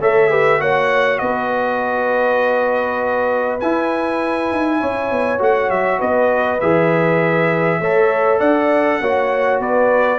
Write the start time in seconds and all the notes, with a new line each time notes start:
0.00 A3 A4 C#5 E5
0.30 G4 B4
0.59 A#3 F#4 C#5 F#5
1.19 B3 B4 D#5
3.60 E4 G#5
4.51 D#4
4.80 C#4 C#5
5.11 B3
5.38 A3 F#4 F#5
5.70 F#3 E5
5.99 B3 B4 D#5
6.61 E3 G#4 E5
7.80 A3 A4 C#5
8.40 D4 D5 F#5
9.01 A#3 F#4 C#5
9.60 B3 B4 D5